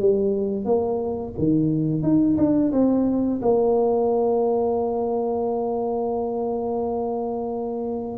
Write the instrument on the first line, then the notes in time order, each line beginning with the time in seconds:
tuba
0.00 G3
0.65 A#3
1.38 D#3
2.03 D#4
2.38 D4
2.72 C4
3.42 A#3